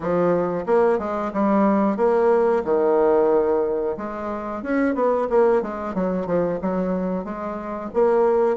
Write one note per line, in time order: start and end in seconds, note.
0.00 0.64 F3
0.66 0.98 A#3
0.98 1.31 G#3
1.33 1.97 G3
1.97 2.63 A#3
2.64 3.96 D#3
3.97 4.62 G#3
4.62 4.94 C#4
4.94 5.27 B3
5.29 5.61 A#3
5.61 5.94 G#3
5.94 6.26 F#3
6.26 6.59 F3
6.61 7.24 F#3
7.24 7.90 G#3
7.93 8.57 A#3